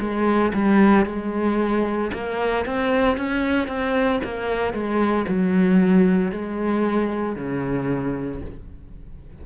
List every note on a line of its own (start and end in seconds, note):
0.00 0.53 G#3
0.54 1.06 G3
1.06 2.11 G#3
2.13 2.66 A#3
2.66 3.17 C4
3.17 3.68 C#4
3.68 4.21 C4
4.24 4.73 A#3
4.73 5.26 G#3
5.28 6.32 F#3
6.32 7.36 G#3
7.36 8.41 C#3